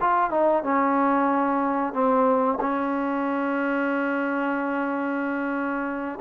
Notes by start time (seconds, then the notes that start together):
0.00 F4
0.30 D#4
0.63 C#4
1.93 C4
2.60 C#4